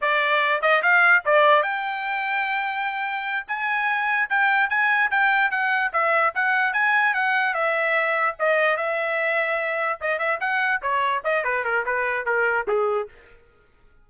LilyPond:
\new Staff \with { instrumentName = "trumpet" } { \time 4/4 \tempo 4 = 147 d''4. dis''8 f''4 d''4 | g''1~ | g''8 gis''2 g''4 gis''8~ | gis''8 g''4 fis''4 e''4 fis''8~ |
fis''8 gis''4 fis''4 e''4.~ | e''8 dis''4 e''2~ e''8~ | e''8 dis''8 e''8 fis''4 cis''4 dis''8 | b'8 ais'8 b'4 ais'4 gis'4 | }